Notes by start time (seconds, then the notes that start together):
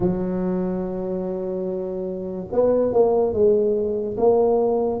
0.00 F#3
2.52 B3
2.92 A#3
3.33 G#3
4.17 A#3